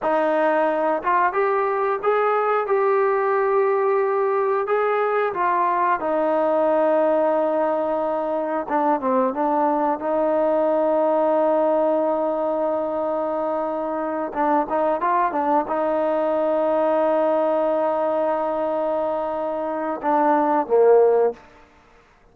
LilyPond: \new Staff \with { instrumentName = "trombone" } { \time 4/4 \tempo 4 = 90 dis'4. f'8 g'4 gis'4 | g'2. gis'4 | f'4 dis'2.~ | dis'4 d'8 c'8 d'4 dis'4~ |
dis'1~ | dis'4. d'8 dis'8 f'8 d'8 dis'8~ | dis'1~ | dis'2 d'4 ais4 | }